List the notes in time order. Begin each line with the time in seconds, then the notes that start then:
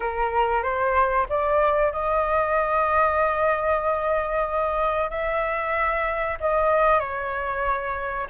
0.00 A#4
0.62 C5
1.29 D5
1.92 D#5
5.10 E5
6.40 D#5
6.99 C#5